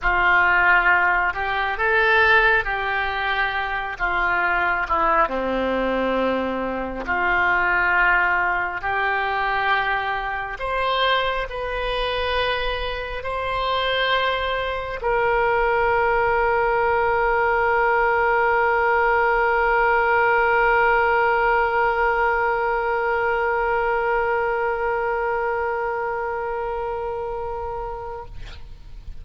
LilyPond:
\new Staff \with { instrumentName = "oboe" } { \time 4/4 \tempo 4 = 68 f'4. g'8 a'4 g'4~ | g'8 f'4 e'8 c'2 | f'2 g'2 | c''4 b'2 c''4~ |
c''4 ais'2.~ | ais'1~ | ais'1~ | ais'1 | }